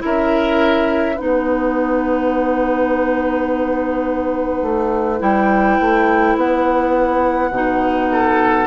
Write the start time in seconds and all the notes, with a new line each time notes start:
0.00 C#4 E4 A#4 E5
1.16 B3 D#4 B4 F#5
4.62 A3
5.19 G3 E4 G5
5.80 A3
6.37 B3 F#5
7.51 B2 D#4
8.12 A4